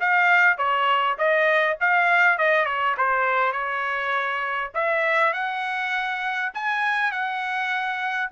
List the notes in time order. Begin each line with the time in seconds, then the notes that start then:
0.00 F5
0.58 C#5
1.18 D#5
1.80 F5
2.38 D#5
2.65 C#5
2.97 C5
3.52 C#5
4.74 E5
5.33 F#5
6.54 G#5
7.12 F#5